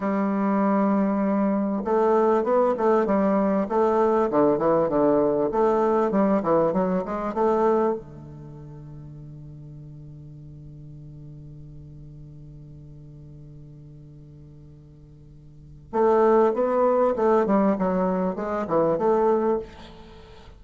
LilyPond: \new Staff \with { instrumentName = "bassoon" } { \time 4/4 \tempo 4 = 98 g2. a4 | b8 a8 g4 a4 d8 e8 | d4 a4 g8 e8 fis8 gis8 | a4 d2.~ |
d1~ | d1~ | d2 a4 b4 | a8 g8 fis4 gis8 e8 a4 | }